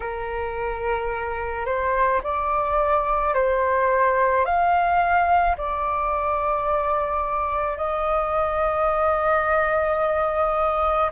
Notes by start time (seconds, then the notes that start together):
0.00 A#4
1.65 C5
2.23 D5
3.33 C5
4.44 F5
5.57 D5
7.77 D#5